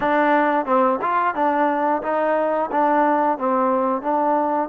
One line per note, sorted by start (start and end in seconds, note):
0.00 0.65 D4
0.65 0.99 C4
1.01 1.34 F4
1.34 2.02 D4
2.02 2.70 D#4
2.72 3.37 D4
3.37 4.01 C4
4.01 4.69 D4